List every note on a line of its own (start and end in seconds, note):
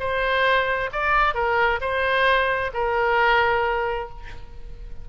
0.00 0.90 C5
0.92 1.35 D5
1.35 1.80 A#4
1.81 2.71 C5
2.74 4.09 A#4